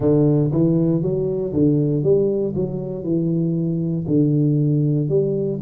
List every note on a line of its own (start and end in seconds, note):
0.00 0.51 D3
0.51 1.02 E3
1.02 1.53 F#3
1.53 2.03 D3
2.03 2.54 G3
2.55 3.03 F#3
3.03 4.05 E3
4.07 5.08 D3
5.08 5.59 G3